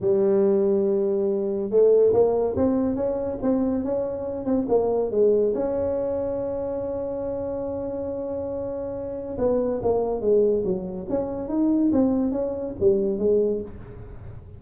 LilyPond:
\new Staff \with { instrumentName = "tuba" } { \time 4/4 \tempo 4 = 141 g1 | a4 ais4 c'4 cis'4 | c'4 cis'4. c'8 ais4 | gis4 cis'2.~ |
cis'1~ | cis'2 b4 ais4 | gis4 fis4 cis'4 dis'4 | c'4 cis'4 g4 gis4 | }